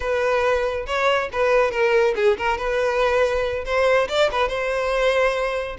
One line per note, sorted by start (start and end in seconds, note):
0.00 0.86 B4
0.86 1.29 C#5
1.32 1.71 B4
1.71 2.14 A#4
2.15 2.37 G#4
2.37 2.57 A#4
2.57 3.64 B4
3.65 4.08 C5
4.08 4.30 D5
4.31 4.48 B4
4.48 5.76 C5